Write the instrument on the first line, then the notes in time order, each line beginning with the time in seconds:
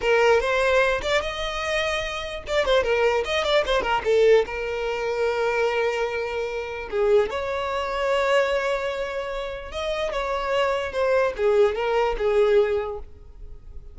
violin
0.01 A#4
0.40 C5
1.02 D5
1.21 D#5
2.47 D5
2.65 C5
2.83 A#4
3.25 D#5
3.43 D5
3.65 C5
3.81 A#4
4.04 A4
4.46 A#4
6.90 G#4
7.30 C#5
9.71 D#5
10.11 C#5
10.92 C5
11.36 G#4
11.75 A#4
12.18 G#4